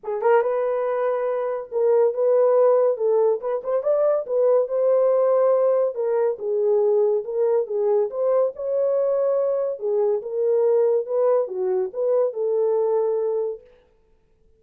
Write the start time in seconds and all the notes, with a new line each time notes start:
0.03 G#4
0.21 A#4
0.41 B4
1.71 A#4
2.14 B4
2.97 A4
3.40 B4
3.63 C5
3.83 D5
4.26 B4
4.68 C5
5.95 A#4
6.38 G#4
7.24 A#4
7.67 G#4
8.10 C5
8.55 C#5
9.79 G#4
10.22 A#4
11.06 B4
11.47 F#4
11.93 B4
12.33 A4